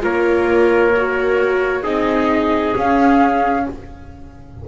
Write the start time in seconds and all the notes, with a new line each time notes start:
0.00 A#3 F4 A#4 C#5
0.97 F#4
1.83 C4 D#4 G#4 D#5
2.76 C#4 F5